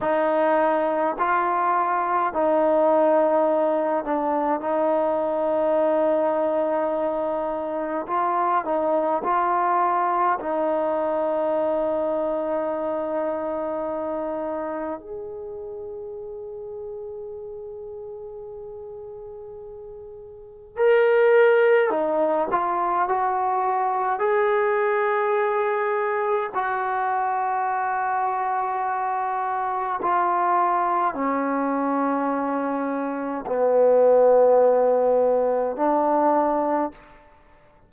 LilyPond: \new Staff \with { instrumentName = "trombone" } { \time 4/4 \tempo 4 = 52 dis'4 f'4 dis'4. d'8 | dis'2. f'8 dis'8 | f'4 dis'2.~ | dis'4 gis'2.~ |
gis'2 ais'4 dis'8 f'8 | fis'4 gis'2 fis'4~ | fis'2 f'4 cis'4~ | cis'4 b2 d'4 | }